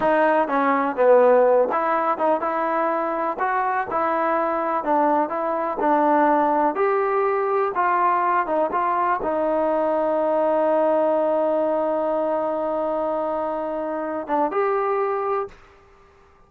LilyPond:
\new Staff \with { instrumentName = "trombone" } { \time 4/4 \tempo 4 = 124 dis'4 cis'4 b4. e'8~ | e'8 dis'8 e'2 fis'4 | e'2 d'4 e'4 | d'2 g'2 |
f'4. dis'8 f'4 dis'4~ | dis'1~ | dis'1~ | dis'4. d'8 g'2 | }